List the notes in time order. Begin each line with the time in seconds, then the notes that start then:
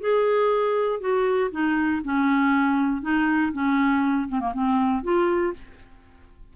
0.00 G#4
1.00 F#4
1.51 D#4
2.04 C#4
3.02 D#4
3.52 C#4
4.29 C4
4.40 A#3
4.53 C4
5.03 F4